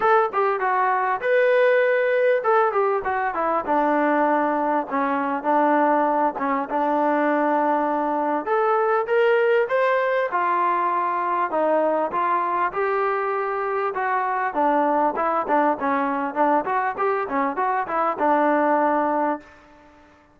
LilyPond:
\new Staff \with { instrumentName = "trombone" } { \time 4/4 \tempo 4 = 99 a'8 g'8 fis'4 b'2 | a'8 g'8 fis'8 e'8 d'2 | cis'4 d'4. cis'8 d'4~ | d'2 a'4 ais'4 |
c''4 f'2 dis'4 | f'4 g'2 fis'4 | d'4 e'8 d'8 cis'4 d'8 fis'8 | g'8 cis'8 fis'8 e'8 d'2 | }